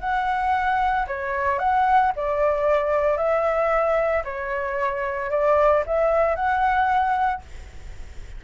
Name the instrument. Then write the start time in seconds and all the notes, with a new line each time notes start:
flute
0.00 F#5
1.07 C#5
1.59 F#5
2.16 D5
3.17 E5
4.25 C#5
5.31 D5
5.86 E5
6.36 F#5